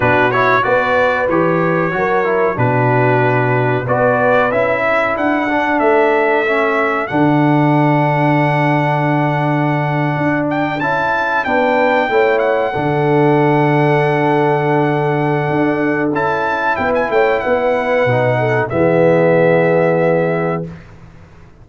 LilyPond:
<<
  \new Staff \with { instrumentName = "trumpet" } { \time 4/4 \tempo 4 = 93 b'8 cis''8 d''4 cis''2 | b'2 d''4 e''4 | fis''4 e''2 fis''4~ | fis''1~ |
fis''16 g''8 a''4 g''4. fis''8.~ | fis''1~ | fis''4 a''4 g''16 gis''16 g''8 fis''4~ | fis''4 e''2. | }
  \new Staff \with { instrumentName = "horn" } { \time 4/4 fis'4 b'2 ais'4 | fis'2 b'4. a'8~ | a'1~ | a'1~ |
a'4.~ a'16 b'4 cis''4 a'16~ | a'1~ | a'2 b'8 cis''8 b'4~ | b'8 a'8 gis'2. | }
  \new Staff \with { instrumentName = "trombone" } { \time 4/4 d'8 e'8 fis'4 g'4 fis'8 e'8 | d'2 fis'4 e'4~ | e'8 d'4. cis'4 d'4~ | d'1~ |
d'8. e'4 d'4 e'4 d'16~ | d'1~ | d'4 e'2. | dis'4 b2. | }
  \new Staff \with { instrumentName = "tuba" } { \time 4/4 b,4 b4 e4 fis4 | b,2 b4 cis'4 | d'4 a2 d4~ | d2.~ d8. d'16~ |
d'8. cis'4 b4 a4 d16~ | d1 | d'4 cis'4 b8 a8 b4 | b,4 e2. | }
>>